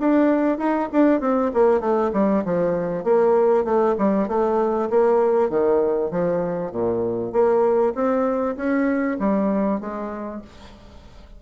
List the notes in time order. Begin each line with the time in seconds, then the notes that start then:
0.00 D4
0.58 D#4
0.92 D4
1.21 C4
1.54 A#3
1.81 A3
2.13 G3
2.45 F3
3.04 A#3
3.65 A3
3.99 G3
4.29 A3
4.90 A#3
5.50 D#3
6.11 F3
6.72 A#2
7.33 A#3
7.95 C4
8.57 C#4
9.19 G3
9.81 G#3